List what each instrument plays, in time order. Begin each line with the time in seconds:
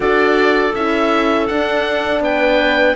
0.00 cello D4, horn F#4, clarinet A4, oboe D5
0.74 cello C#4, horn E4, oboe E5
1.47 horn D4, cello D4, oboe F#5
2.20 cello B3, clarinet B4, oboe G5